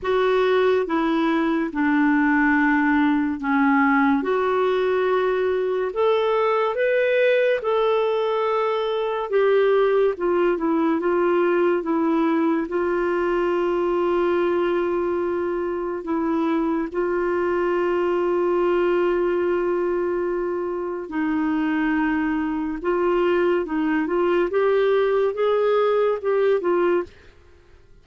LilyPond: \new Staff \with { instrumentName = "clarinet" } { \time 4/4 \tempo 4 = 71 fis'4 e'4 d'2 | cis'4 fis'2 a'4 | b'4 a'2 g'4 | f'8 e'8 f'4 e'4 f'4~ |
f'2. e'4 | f'1~ | f'4 dis'2 f'4 | dis'8 f'8 g'4 gis'4 g'8 f'8 | }